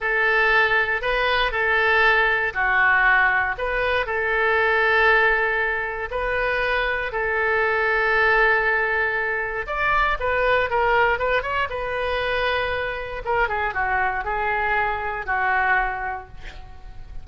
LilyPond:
\new Staff \with { instrumentName = "oboe" } { \time 4/4 \tempo 4 = 118 a'2 b'4 a'4~ | a'4 fis'2 b'4 | a'1 | b'2 a'2~ |
a'2. d''4 | b'4 ais'4 b'8 cis''8 b'4~ | b'2 ais'8 gis'8 fis'4 | gis'2 fis'2 | }